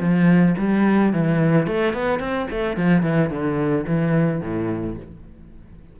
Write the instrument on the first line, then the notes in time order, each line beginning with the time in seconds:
cello
0.00 F3
0.58 G3
1.13 E3
1.67 A3
1.94 B3
2.20 C4
2.51 A3
2.77 F3
3.03 E3
3.30 D3
3.87 E3
4.41 A2